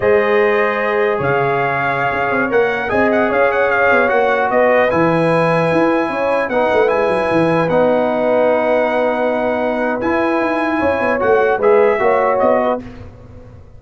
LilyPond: <<
  \new Staff \with { instrumentName = "trumpet" } { \time 4/4 \tempo 4 = 150 dis''2. f''4~ | f''2~ f''16 fis''4 gis''8 fis''16~ | fis''16 f''8 fis''8 f''4 fis''4 dis''8.~ | dis''16 gis''2.~ gis''8.~ |
gis''16 fis''4 gis''2 fis''8.~ | fis''1~ | fis''4 gis''2. | fis''4 e''2 dis''4 | }
  \new Staff \with { instrumentName = "horn" } { \time 4/4 c''2. cis''4~ | cis''2.~ cis''16 dis''8.~ | dis''16 cis''2. b'8.~ | b'2.~ b'16 cis''8.~ |
cis''16 b'2.~ b'8.~ | b'1~ | b'2. cis''4~ | cis''4 b'4 cis''4. b'8 | }
  \new Staff \with { instrumentName = "trombone" } { \time 4/4 gis'1~ | gis'2~ gis'16 ais'4 gis'8.~ | gis'2~ gis'16 fis'4.~ fis'16~ | fis'16 e'2.~ e'8.~ |
e'16 dis'4 e'2 dis'8.~ | dis'1~ | dis'4 e'2. | fis'4 gis'4 fis'2 | }
  \new Staff \with { instrumentName = "tuba" } { \time 4/4 gis2. cis4~ | cis4~ cis16 cis'8 c'8 ais4 c'8.~ | c'16 cis'4. b8 ais4 b8.~ | b16 e2 e'4 cis'8.~ |
cis'16 b8 a8 gis8 fis8 e4 b8.~ | b1~ | b4 e'4 dis'4 cis'8 b8 | a4 gis4 ais4 b4 | }
>>